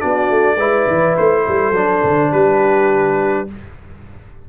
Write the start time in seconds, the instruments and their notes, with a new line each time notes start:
0.00 tuba B3, trombone D4, horn F#4, trumpet D5
0.30 tuba A3
0.57 tuba G#3, trombone E4, horn B4
0.88 tuba E3
1.18 tuba A3, trumpet C5
1.46 tuba G3, horn A4
1.72 tuba F#3, trombone D4
2.04 tuba D3
2.32 tuba G3, horn G4, trumpet B4